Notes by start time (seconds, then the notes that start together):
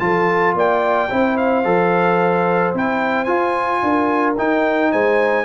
0.00 F3 F4 A4 A5
0.55 A#3 D5 G5
1.10 C4 E4 C5
1.37 F5
1.65 F3 A4
2.74 C4 E4 G5
3.25 F4 G#5
3.83 D4 A#4
4.38 D#4 G5
4.91 G#3 C5 G#5